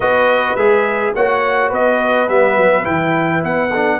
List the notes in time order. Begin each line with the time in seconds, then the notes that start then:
0.00 B3 F#4 B4 D#5
0.56 G#3 G#4 E5
1.14 A#3 F#4 C#5 F#5
1.69 B3 B4 D#5
2.28 G3 B3 E5
2.57 F#3
2.83 E3 E4 G5
3.43 B3 F#5
3.70 D4 A4